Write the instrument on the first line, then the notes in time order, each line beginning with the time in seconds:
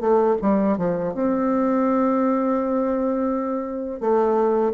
bassoon
0.00 A3
0.41 G3
0.77 F3
1.14 C4
4.00 A3